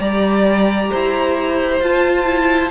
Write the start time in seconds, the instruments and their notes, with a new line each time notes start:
0.00 cello G3, viola G4, violin D5 A#5
0.91 cello E4, violin C5
1.80 cello F4, viola F4, violin A5
2.26 viola E4